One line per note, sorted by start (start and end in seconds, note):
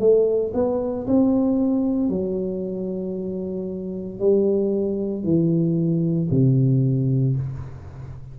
0.00 0.53 A3
0.55 1.07 B3
1.08 2.10 C4
2.10 4.20 F#3
4.20 5.24 G3
5.24 6.30 E3
6.31 7.36 C3